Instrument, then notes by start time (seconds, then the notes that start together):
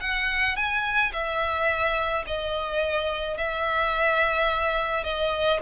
violin
0.00 F#5
0.56 G#5
1.12 E5
2.26 D#5
3.37 E5
5.03 D#5